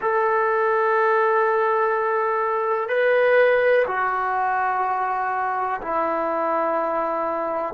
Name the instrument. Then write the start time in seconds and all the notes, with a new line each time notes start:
trombone
0.01 A4
2.88 B4
3.87 F#4
5.81 E4